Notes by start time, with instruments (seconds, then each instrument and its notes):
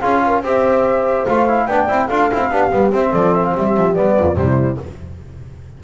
0.00 double bass C#4, trombone F4, horn G#4, flute F5
0.26 horn A#4
0.42 double bass C4, trombone G4, horn C5, flute E5
1.25 double bass A3, trombone F4, flute F5
1.48 trombone E4
1.66 double bass B3, trombone D4, horn D5, flute G5
1.88 double bass C4, trombone E4
2.06 double bass D4, trombone F4, horn A4, flute F5
2.31 double bass C4, trombone E4
2.50 double bass B3, trombone D4, horn G4
2.70 double bass G3, trombone B3
2.91 double bass C4, trombone C4, flute E5
3.10 double bass F3, horn A4, flute D5
3.34 flute E5
3.44 flute F5
3.54 double bass G3, horn G4, flute E5
3.77 double bass F3
3.94 double bass G3, trombone B3, flute D5
4.19 double bass F2, horn F4
4.35 double bass C3, trombone G3, flute C5
4.41 horn E4